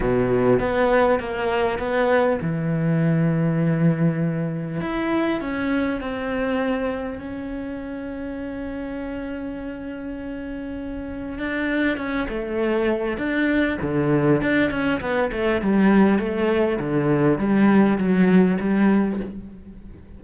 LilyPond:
\new Staff \with { instrumentName = "cello" } { \time 4/4 \tempo 4 = 100 b,4 b4 ais4 b4 | e1 | e'4 cis'4 c'2 | cis'1~ |
cis'2. d'4 | cis'8 a4. d'4 d4 | d'8 cis'8 b8 a8 g4 a4 | d4 g4 fis4 g4 | }